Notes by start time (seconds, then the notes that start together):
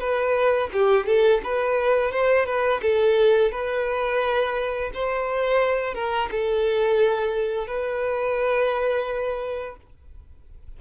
0.00 B4
0.73 G4
1.07 A4
1.44 B4
2.12 C5
2.46 B4
2.82 A4
3.52 B4
4.94 C5
5.95 A#4
6.31 A4
7.67 B4